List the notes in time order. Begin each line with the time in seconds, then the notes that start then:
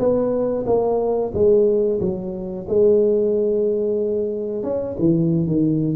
0.00 B3
0.67 A#3
1.35 G#3
2.01 F#3
2.69 G#3
4.64 C#4
5.00 E3
5.47 D#3